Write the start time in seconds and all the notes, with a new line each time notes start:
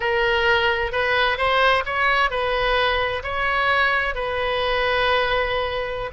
0.00 A#4
0.92 B4
1.37 C5
1.85 C#5
2.30 B4
3.23 C#5
4.14 B4